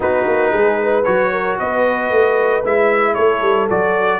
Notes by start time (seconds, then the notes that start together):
0.00 B3 D#4 F#4 B4
0.26 A#3
0.52 G#3 G#4
0.81 B4
1.04 F#3 F#4 C#5
1.31 A#4
1.59 B3 B4 D#5
2.10 A3
2.64 G#3 E4 E5
3.14 A3 A4 C#5
3.42 G3
3.69 F#3 F#4 D5